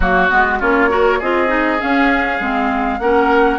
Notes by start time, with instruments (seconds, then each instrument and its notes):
0.00 bassoon F#3, clarinet A#3, oboe F#4, flute F#4
0.29 bassoon G#3, clarinet B3
0.59 bassoon A#3, clarinet C#4, oboe F4, flute C#5
0.89 clarinet F#4, oboe A#4
1.18 bassoon C4, clarinet F4, oboe G#4, flute D#5
1.47 clarinet D#4
1.79 clarinet C#4, bassoon C#4, flute F5
2.39 bassoon G#3, clarinet C4
2.99 bassoon A#3, clarinet C#4, oboe A#4, flute F#5